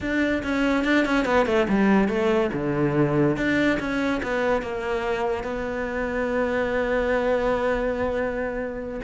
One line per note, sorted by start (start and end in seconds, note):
0.01 0.43 D4
0.43 0.84 C#4
0.84 1.05 D4
1.05 1.25 C#4
1.25 1.46 B3
1.46 1.66 A3
1.68 2.08 G3
2.08 2.50 A3
2.53 3.36 D3
3.36 3.78 D4
3.79 4.21 C#4
4.22 4.62 B3
4.62 5.43 A#3
5.43 9.00 B3